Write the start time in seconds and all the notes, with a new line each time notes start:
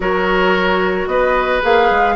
0.00 F#3 F#4 A#4 C#5
1.06 B3 B4 D#5
1.62 A#3 G#4 F5
1.90 G#3